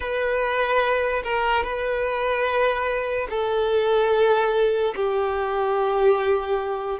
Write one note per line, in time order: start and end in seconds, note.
0.00 1.22 B4
1.23 1.63 A#4
1.63 3.27 B4
3.30 4.94 A4
4.95 6.99 G4